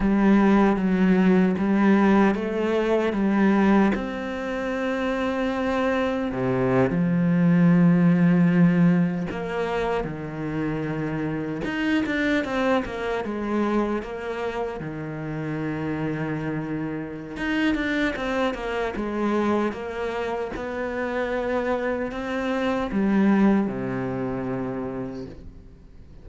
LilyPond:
\new Staff \with { instrumentName = "cello" } { \time 4/4 \tempo 4 = 76 g4 fis4 g4 a4 | g4 c'2. | c8. f2. ais16~ | ais8. dis2 dis'8 d'8 c'16~ |
c'16 ais8 gis4 ais4 dis4~ dis16~ | dis2 dis'8 d'8 c'8 ais8 | gis4 ais4 b2 | c'4 g4 c2 | }